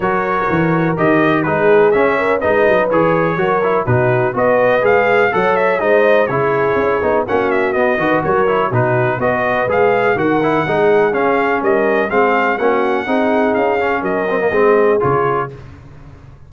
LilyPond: <<
  \new Staff \with { instrumentName = "trumpet" } { \time 4/4 \tempo 4 = 124 cis''2 dis''4 b'4 | e''4 dis''4 cis''2 | b'4 dis''4 f''4 fis''8 e''8 | dis''4 cis''2 fis''8 e''8 |
dis''4 cis''4 b'4 dis''4 | f''4 fis''2 f''4 | dis''4 f''4 fis''2 | f''4 dis''2 cis''4 | }
  \new Staff \with { instrumentName = "horn" } { \time 4/4 ais'2. gis'4~ | gis'8 ais'8 b'2 ais'4 | fis'4 b'2 cis''4 | c''4 gis'2 fis'4~ |
fis'8 b'8 ais'4 fis'4 b'4~ | b'4 ais'4 gis'2 | ais'4 gis'4 fis'4 gis'4~ | gis'4 ais'4 gis'2 | }
  \new Staff \with { instrumentName = "trombone" } { \time 4/4 fis'2 g'4 dis'4 | cis'4 dis'4 gis'4 fis'8 e'8 | dis'4 fis'4 gis'4 a'4 | dis'4 e'4. dis'8 cis'4 |
b8 fis'4 e'8 dis'4 fis'4 | gis'4 fis'8 e'8 dis'4 cis'4~ | cis'4 c'4 cis'4 dis'4~ | dis'8 cis'4 c'16 ais16 c'4 f'4 | }
  \new Staff \with { instrumentName = "tuba" } { \time 4/4 fis4 e4 dis4 gis4 | cis'4 gis8 fis8 e4 fis4 | b,4 b4 gis4 fis4 | gis4 cis4 cis'8 b8 ais4 |
b8 dis8 fis4 b,4 b4 | gis4 dis4 gis4 cis'4 | g4 gis4 ais4 c'4 | cis'4 fis4 gis4 cis4 | }
>>